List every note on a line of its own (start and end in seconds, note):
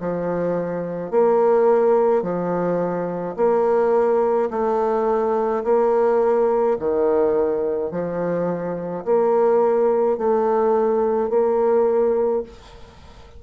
0.00 1.11 F3
1.11 2.23 A#3
2.23 3.36 F3
3.37 4.50 A#3
4.51 5.64 A3
5.64 6.77 A#3
6.80 7.91 D#3
7.91 9.05 F3
9.05 10.18 A#3
10.18 11.30 A3
11.30 12.43 A#3